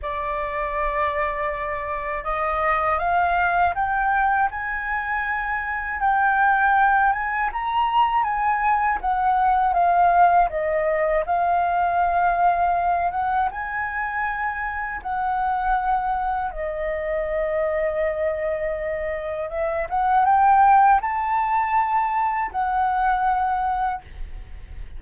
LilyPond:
\new Staff \with { instrumentName = "flute" } { \time 4/4 \tempo 4 = 80 d''2. dis''4 | f''4 g''4 gis''2 | g''4. gis''8 ais''4 gis''4 | fis''4 f''4 dis''4 f''4~ |
f''4. fis''8 gis''2 | fis''2 dis''2~ | dis''2 e''8 fis''8 g''4 | a''2 fis''2 | }